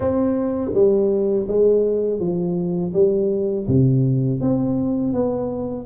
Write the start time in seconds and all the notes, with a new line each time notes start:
0.00 C4
0.74 G3
1.48 G#3
2.19 F3
2.93 G3
3.68 C3
4.40 C4
5.13 B3